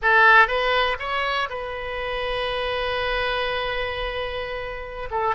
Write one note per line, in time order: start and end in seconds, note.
0.02 0.47 A4
0.47 0.97 B4
0.99 1.48 C#5
1.49 5.09 B4
5.11 5.35 A4